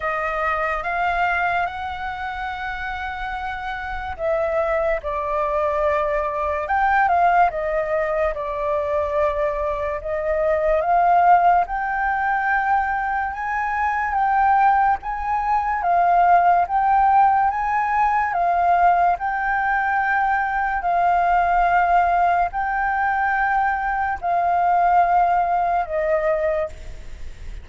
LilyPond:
\new Staff \with { instrumentName = "flute" } { \time 4/4 \tempo 4 = 72 dis''4 f''4 fis''2~ | fis''4 e''4 d''2 | g''8 f''8 dis''4 d''2 | dis''4 f''4 g''2 |
gis''4 g''4 gis''4 f''4 | g''4 gis''4 f''4 g''4~ | g''4 f''2 g''4~ | g''4 f''2 dis''4 | }